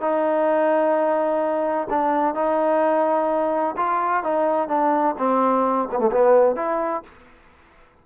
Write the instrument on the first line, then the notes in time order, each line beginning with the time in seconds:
trombone
0.00 D#4
1.90 D4
2.34 D#4
3.76 F4
4.23 D#4
4.68 D4
5.18 C4
5.91 B3
5.99 A3
6.12 B3
6.56 E4